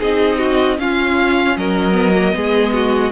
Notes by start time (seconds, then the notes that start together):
0.00 C4 D#4 G#4 D#5
0.38 F#4
0.78 C#4 F4 F5
1.56 F#3 A#4 D#5
1.92 B3
2.14 A#3
2.32 G#3 B3 G#4
2.74 F#4